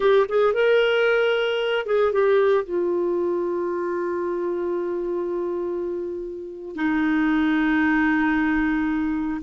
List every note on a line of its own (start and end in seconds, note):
0.00 0.26 G4
0.28 0.53 G#4
0.53 1.86 A#4
1.86 2.12 G#4
2.12 2.64 G4
2.64 6.75 F4
6.75 9.41 D#4